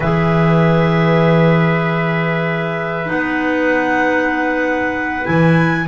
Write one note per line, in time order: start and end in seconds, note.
0.00 3.08 E3
0.00 3.05 G#4
0.00 5.87 B4
0.00 3.10 E5
3.05 5.26 B3
3.05 5.22 D#4
3.05 5.25 F#5
5.24 5.87 E3
5.24 5.85 E4
5.24 5.87 G#5